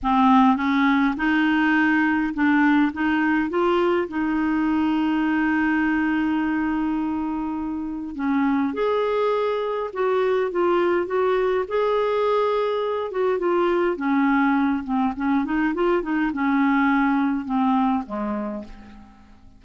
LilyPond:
\new Staff \with { instrumentName = "clarinet" } { \time 4/4 \tempo 4 = 103 c'4 cis'4 dis'2 | d'4 dis'4 f'4 dis'4~ | dis'1~ | dis'2 cis'4 gis'4~ |
gis'4 fis'4 f'4 fis'4 | gis'2~ gis'8 fis'8 f'4 | cis'4. c'8 cis'8 dis'8 f'8 dis'8 | cis'2 c'4 gis4 | }